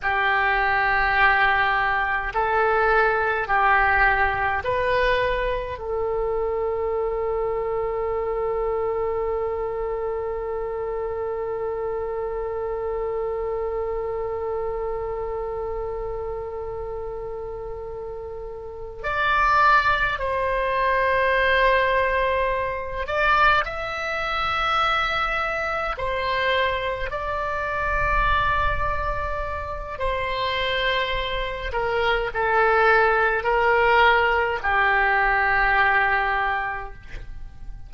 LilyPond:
\new Staff \with { instrumentName = "oboe" } { \time 4/4 \tempo 4 = 52 g'2 a'4 g'4 | b'4 a'2.~ | a'1~ | a'1~ |
a'8 d''4 c''2~ c''8 | d''8 e''2 c''4 d''8~ | d''2 c''4. ais'8 | a'4 ais'4 g'2 | }